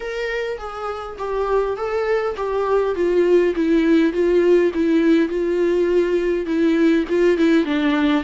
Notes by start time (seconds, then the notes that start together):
0.00 A#4
0.57 G#4
1.18 G4
1.76 A4
2.36 G4
2.95 F4
3.55 E4
4.13 F4
4.74 E4
5.28 F4
6.46 E4
7.09 F4
7.37 E4
7.65 D4